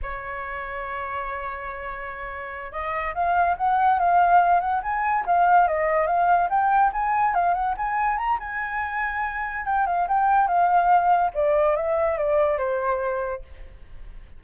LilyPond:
\new Staff \with { instrumentName = "flute" } { \time 4/4 \tempo 4 = 143 cis''1~ | cis''2~ cis''8 dis''4 f''8~ | f''8 fis''4 f''4. fis''8 gis''8~ | gis''8 f''4 dis''4 f''4 g''8~ |
g''8 gis''4 f''8 fis''8 gis''4 ais''8 | gis''2. g''8 f''8 | g''4 f''2 d''4 | e''4 d''4 c''2 | }